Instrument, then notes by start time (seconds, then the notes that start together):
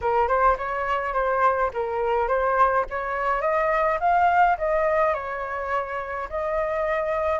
flute
0.01 A#4
0.28 C5
0.57 C#5
1.13 C5
1.73 A#4
2.28 C5
2.90 C#5
3.41 D#5
4.00 F5
4.58 D#5
5.14 C#5
6.29 D#5